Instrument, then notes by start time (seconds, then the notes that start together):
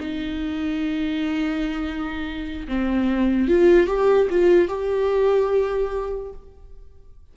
viola
0.00 D#4
2.68 C4
3.48 F4
3.87 G4
4.30 F4
4.68 G4